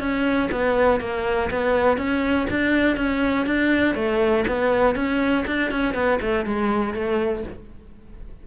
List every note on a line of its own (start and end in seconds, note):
0.00 0.50 C#4
0.51 1.01 B3
1.01 1.50 A#3
1.51 1.97 B3
1.97 2.47 C#4
2.50 2.97 D4
2.97 3.46 C#4
3.46 3.95 D4
3.95 4.44 A3
4.47 4.95 B3
4.95 5.45 C#4
5.47 5.71 D4
5.71 5.94 C#4
5.94 6.19 B3
6.22 6.46 A3
6.46 6.94 G#3
6.94 7.43 A3